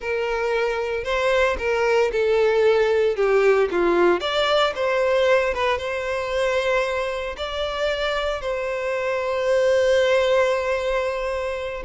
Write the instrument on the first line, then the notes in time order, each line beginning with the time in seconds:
violin
0.00 A#4
1.04 C5
1.58 A#4
2.11 A4
3.16 G4
3.71 F4
4.20 D5
4.75 C5
5.54 B4
5.78 C5
7.37 D5
8.41 C5